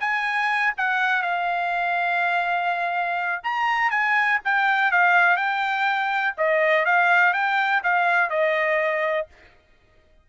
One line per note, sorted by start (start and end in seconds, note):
0.00 0.73 G#5
0.77 1.22 F#5
1.22 3.41 F5
3.43 3.90 A#5
3.90 4.39 G#5
4.44 4.91 G5
4.91 5.36 F5
5.36 6.34 G5
6.37 6.85 D#5
6.85 7.33 F5
7.33 7.82 G5
7.83 8.30 F5
8.30 9.27 D#5